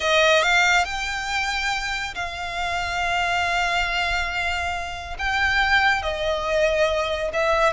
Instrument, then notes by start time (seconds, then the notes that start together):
violin
0.00 D#5
0.42 F5
0.84 G5
2.14 F5
5.18 G5
6.02 D#5
7.33 E5